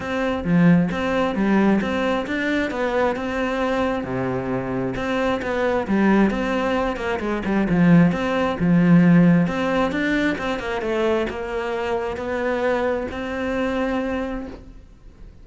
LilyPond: \new Staff \with { instrumentName = "cello" } { \time 4/4 \tempo 4 = 133 c'4 f4 c'4 g4 | c'4 d'4 b4 c'4~ | c'4 c2 c'4 | b4 g4 c'4. ais8 |
gis8 g8 f4 c'4 f4~ | f4 c'4 d'4 c'8 ais8 | a4 ais2 b4~ | b4 c'2. | }